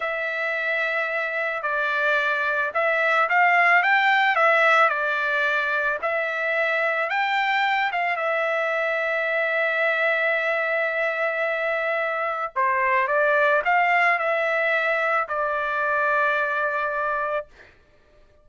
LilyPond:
\new Staff \with { instrumentName = "trumpet" } { \time 4/4 \tempo 4 = 110 e''2. d''4~ | d''4 e''4 f''4 g''4 | e''4 d''2 e''4~ | e''4 g''4. f''8 e''4~ |
e''1~ | e''2. c''4 | d''4 f''4 e''2 | d''1 | }